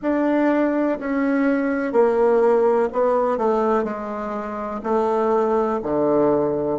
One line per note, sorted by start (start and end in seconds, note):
0.02 0.99 D4
0.99 1.92 C#4
1.92 2.89 A#3
2.92 3.37 B3
3.37 3.84 A3
3.84 4.80 G#3
4.83 5.80 A3
5.82 6.79 D3